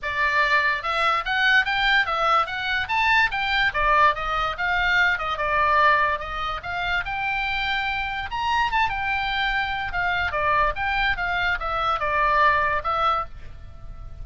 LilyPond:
\new Staff \with { instrumentName = "oboe" } { \time 4/4 \tempo 4 = 145 d''2 e''4 fis''4 | g''4 e''4 fis''4 a''4 | g''4 d''4 dis''4 f''4~ | f''8 dis''8 d''2 dis''4 |
f''4 g''2. | ais''4 a''8 g''2~ g''8 | f''4 d''4 g''4 f''4 | e''4 d''2 e''4 | }